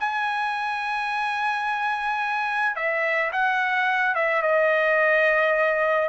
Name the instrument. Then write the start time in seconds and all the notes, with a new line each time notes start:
trumpet
0.00 G#5
2.76 E5
3.33 F#5
4.15 E5
4.43 D#5